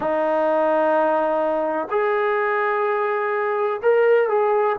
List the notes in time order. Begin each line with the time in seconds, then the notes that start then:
0.00 D#4
1.90 G#4
3.82 A#4
4.28 G#4